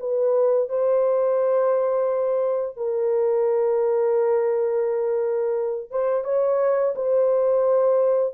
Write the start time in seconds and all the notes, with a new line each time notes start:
0.00 B4
0.69 C5
2.77 A#4
5.90 C5
6.24 C#5
6.95 C5